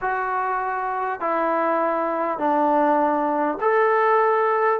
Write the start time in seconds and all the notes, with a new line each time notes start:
0.01 F#4
1.20 E4
2.38 D4
3.60 A4